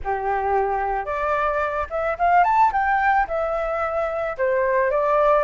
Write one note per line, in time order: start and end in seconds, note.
0.04 1.05 G4
1.05 1.87 D5
1.90 2.17 E5
2.18 2.44 F5
2.44 2.71 A5
2.72 3.27 G5
3.27 4.36 E5
4.37 4.90 C5
4.90 5.43 D5